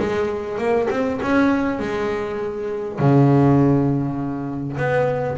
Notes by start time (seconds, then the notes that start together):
0.00 G#3
0.58 A#3
0.90 C4
1.22 C#4
1.79 G#3
2.99 C#3
4.77 B3